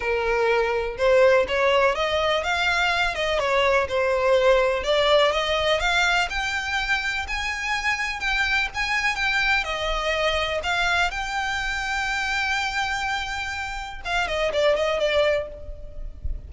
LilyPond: \new Staff \with { instrumentName = "violin" } { \time 4/4 \tempo 4 = 124 ais'2 c''4 cis''4 | dis''4 f''4. dis''8 cis''4 | c''2 d''4 dis''4 | f''4 g''2 gis''4~ |
gis''4 g''4 gis''4 g''4 | dis''2 f''4 g''4~ | g''1~ | g''4 f''8 dis''8 d''8 dis''8 d''4 | }